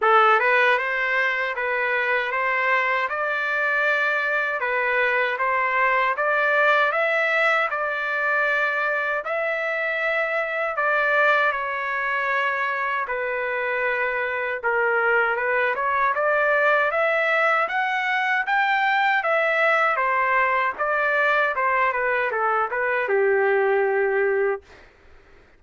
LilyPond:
\new Staff \with { instrumentName = "trumpet" } { \time 4/4 \tempo 4 = 78 a'8 b'8 c''4 b'4 c''4 | d''2 b'4 c''4 | d''4 e''4 d''2 | e''2 d''4 cis''4~ |
cis''4 b'2 ais'4 | b'8 cis''8 d''4 e''4 fis''4 | g''4 e''4 c''4 d''4 | c''8 b'8 a'8 b'8 g'2 | }